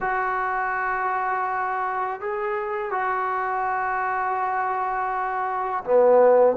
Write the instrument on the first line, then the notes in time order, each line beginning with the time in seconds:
trombone
0.00 F#4
2.20 G#4
2.91 F#4
5.84 B3